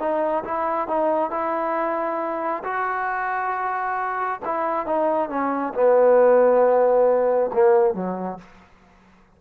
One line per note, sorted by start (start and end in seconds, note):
0.00 0.44 D#4
0.45 0.88 E4
0.88 1.31 D#4
1.31 2.63 E4
2.64 4.41 F#4
4.46 4.87 E4
4.87 5.30 D#4
5.30 5.74 C#4
5.75 7.51 B3
7.54 7.95 A#3
7.95 8.39 F#3